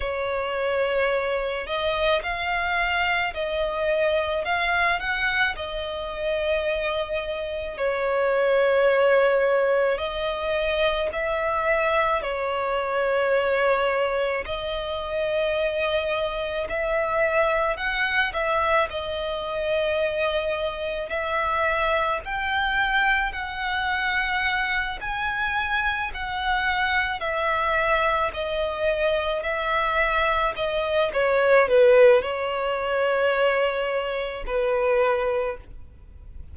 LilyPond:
\new Staff \with { instrumentName = "violin" } { \time 4/4 \tempo 4 = 54 cis''4. dis''8 f''4 dis''4 | f''8 fis''8 dis''2 cis''4~ | cis''4 dis''4 e''4 cis''4~ | cis''4 dis''2 e''4 |
fis''8 e''8 dis''2 e''4 | g''4 fis''4. gis''4 fis''8~ | fis''8 e''4 dis''4 e''4 dis''8 | cis''8 b'8 cis''2 b'4 | }